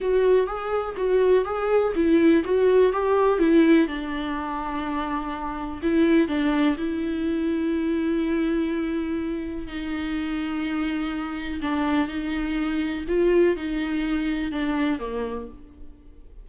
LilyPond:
\new Staff \with { instrumentName = "viola" } { \time 4/4 \tempo 4 = 124 fis'4 gis'4 fis'4 gis'4 | e'4 fis'4 g'4 e'4 | d'1 | e'4 d'4 e'2~ |
e'1 | dis'1 | d'4 dis'2 f'4 | dis'2 d'4 ais4 | }